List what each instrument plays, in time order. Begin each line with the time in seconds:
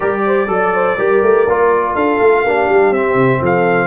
0.00 tuba G3, trombone G4, horn A#4, trumpet D5
0.26 horn C5
0.47 tuba F#3, trombone A4, horn D5
0.74 horn C5
0.97 tuba G3, trombone G4, horn A#4
1.22 tuba A3
1.47 tuba A#3, trombone F4
1.94 tuba D4, horn A4, trumpet F5
2.19 tuba A3
2.43 tuba A#3, trombone D4, horn G4
2.69 tuba G3
2.91 tuba C4, trombone C4, trumpet E5
3.14 tuba C3
3.41 tuba F3, horn A4, trumpet F5